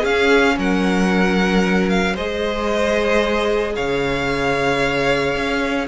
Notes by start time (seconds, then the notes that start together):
0.00 C#4 G#4 F5
0.57 F#3 A#4 F#5
1.89 F5
2.13 G#3 G#4 C5 D#5
3.75 C#3 C#5 F5
5.35 C#4